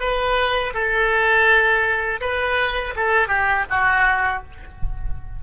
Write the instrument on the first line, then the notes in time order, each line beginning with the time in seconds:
oboe
0.00 B4
0.74 A4
2.21 B4
2.96 A4
3.28 G4
3.70 F#4